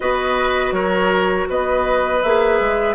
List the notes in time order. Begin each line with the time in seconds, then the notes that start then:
0.00 B3 F#4 B4 D#5
0.71 F#3 A#4 C#5
1.49 B3 B4 D#5
2.22 A#3 G#4 E5
2.60 G#3